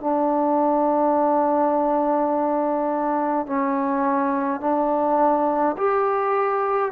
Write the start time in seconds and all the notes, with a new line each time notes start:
0.00 D4
3.46 C#4
4.60 D4
5.77 G4